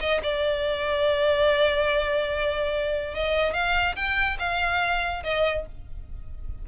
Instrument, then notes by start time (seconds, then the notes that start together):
violin
0.00 D#5
0.23 D5
3.14 D#5
3.53 F5
3.96 G5
4.39 F5
5.24 D#5